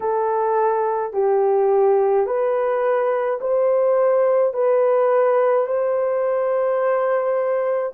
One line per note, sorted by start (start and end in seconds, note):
0.00 1.13 A4
1.13 2.26 G4
2.26 3.40 B4
3.40 4.53 C5
4.53 5.66 B4
5.67 7.93 C5